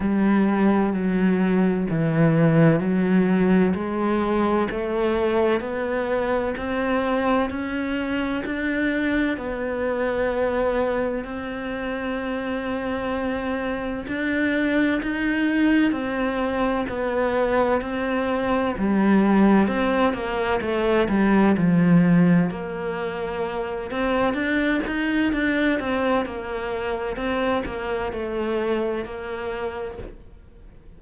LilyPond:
\new Staff \with { instrumentName = "cello" } { \time 4/4 \tempo 4 = 64 g4 fis4 e4 fis4 | gis4 a4 b4 c'4 | cis'4 d'4 b2 | c'2. d'4 |
dis'4 c'4 b4 c'4 | g4 c'8 ais8 a8 g8 f4 | ais4. c'8 d'8 dis'8 d'8 c'8 | ais4 c'8 ais8 a4 ais4 | }